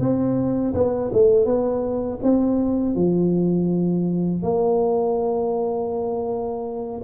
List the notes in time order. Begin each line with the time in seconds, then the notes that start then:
0.00 C4
0.75 B3
1.13 A3
1.46 B3
2.23 C4
2.95 F3
4.43 A#3